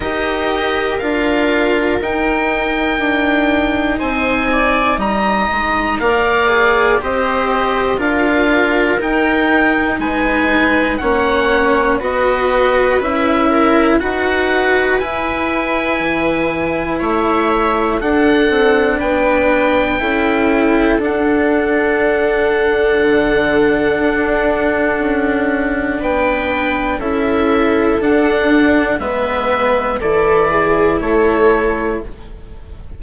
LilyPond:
<<
  \new Staff \with { instrumentName = "oboe" } { \time 4/4 \tempo 4 = 60 dis''4 f''4 g''2 | gis''4 ais''4 f''4 dis''4 | f''4 g''4 gis''4 fis''4 | dis''4 e''4 fis''4 gis''4~ |
gis''4 e''4 fis''4 g''4~ | g''4 fis''2.~ | fis''2 g''4 e''4 | fis''4 e''4 d''4 cis''4 | }
  \new Staff \with { instrumentName = "viola" } { \time 4/4 ais'1 | c''8 d''8 dis''4 d''4 c''4 | ais'2 b'4 cis''4 | b'4. ais'8 b'2~ |
b'4 cis''4 a'4 b'4 | a'1~ | a'2 b'4 a'4~ | a'4 b'4 a'8 gis'8 a'4 | }
  \new Staff \with { instrumentName = "cello" } { \time 4/4 g'4 f'4 dis'2~ | dis'2 ais'8 gis'8 g'4 | f'4 dis'2 cis'4 | fis'4 e'4 fis'4 e'4~ |
e'2 d'2 | e'4 d'2.~ | d'2. e'4 | d'4 b4 e'2 | }
  \new Staff \with { instrumentName = "bassoon" } { \time 4/4 dis'4 d'4 dis'4 d'4 | c'4 g8 gis8 ais4 c'4 | d'4 dis'4 gis4 ais4 | b4 cis'4 dis'4 e'4 |
e4 a4 d'8 c'8 b4 | cis'4 d'2 d4 | d'4 cis'4 b4 cis'4 | d'4 gis4 e4 a4 | }
>>